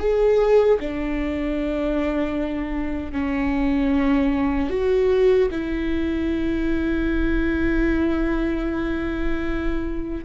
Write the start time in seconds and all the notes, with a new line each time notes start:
0.00 G#4
0.80 D4
3.13 C#4
4.70 F#4
5.51 E4